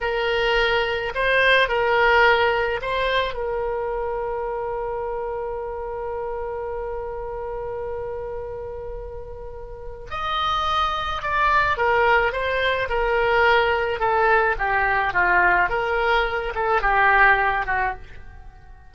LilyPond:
\new Staff \with { instrumentName = "oboe" } { \time 4/4 \tempo 4 = 107 ais'2 c''4 ais'4~ | ais'4 c''4 ais'2~ | ais'1~ | ais'1~ |
ais'2 dis''2 | d''4 ais'4 c''4 ais'4~ | ais'4 a'4 g'4 f'4 | ais'4. a'8 g'4. fis'8 | }